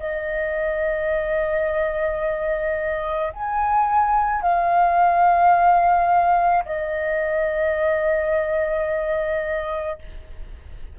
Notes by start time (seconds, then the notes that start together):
0.00 D#5
3.34 G#5
4.42 F5
6.66 D#5